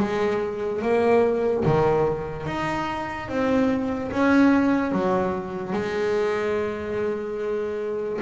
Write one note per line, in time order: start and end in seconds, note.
0.00 0.82 G#3
0.82 1.64 A#3
1.66 2.47 D#3
2.47 3.29 D#4
3.29 4.11 C4
4.12 4.93 C#4
4.93 5.73 F#3
5.73 8.20 G#3